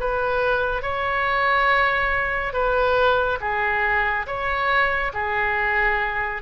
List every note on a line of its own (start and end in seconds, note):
0.00 0.83 B4
0.83 2.53 C#5
2.53 3.39 B4
3.41 4.27 G#4
4.27 5.12 C#5
5.14 6.42 G#4